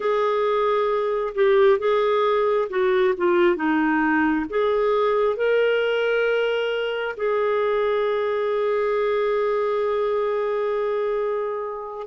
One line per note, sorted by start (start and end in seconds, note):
0.00 1.33 G#4
1.34 1.78 G4
1.78 2.68 G#4
2.69 3.14 F#4
3.17 3.56 F4
3.56 4.45 D#4
4.49 5.36 G#4
5.36 7.15 A#4
7.16 12.07 G#4